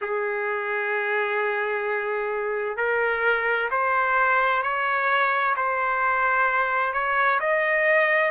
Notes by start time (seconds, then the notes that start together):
0.01 G#4
2.77 A#4
3.70 C5
4.62 C#5
5.56 C5
6.93 C#5
7.40 D#5